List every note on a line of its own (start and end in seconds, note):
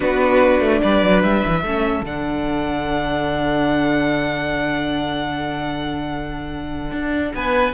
0.00 0.60 B3
0.00 1.63 D4
0.00 0.79 F#4
0.00 0.80 B4
0.60 0.80 A3
0.81 1.02 G3
0.81 1.61 B4
0.81 1.22 D5
1.02 1.22 F#3
1.22 1.43 G3
1.22 2.04 E5
1.46 1.63 E3
1.61 2.01 A3
1.61 2.04 C#4
1.61 7.33 A4
2.01 6.91 D3
2.01 7.73 D4
2.01 7.34 F#5
6.91 7.32 D4
7.34 7.73 B3
7.34 7.73 B4
7.34 7.73 G#5